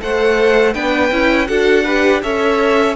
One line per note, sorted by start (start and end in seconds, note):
0.00 0.75 A3
0.00 0.74 A4
0.00 0.74 C5
0.00 0.74 F#5
0.74 1.11 B3
0.74 1.11 D4
0.74 1.48 B4
0.74 1.47 G5
1.11 1.48 C#4
1.11 1.47 E4
1.47 2.23 D4
1.47 1.84 F#4
1.47 1.85 A4
1.47 2.21 F#5
1.85 2.23 G4
1.85 2.22 B4
2.23 2.96 C#4
2.23 2.96 A4
2.23 2.96 C#5
2.23 2.96 E5